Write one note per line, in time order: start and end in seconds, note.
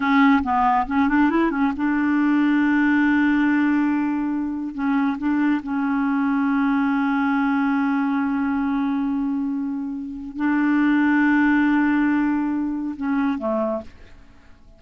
0.00 0.42 C#4
0.43 0.86 B3
0.86 1.08 C#4
1.08 1.29 D4
1.29 1.50 E4
1.50 1.72 C#4
1.76 4.74 D4
4.74 5.17 C#4
5.18 5.61 D4
5.62 10.36 C#4
10.36 12.95 D4
12.96 13.38 C#4
13.38 13.81 A3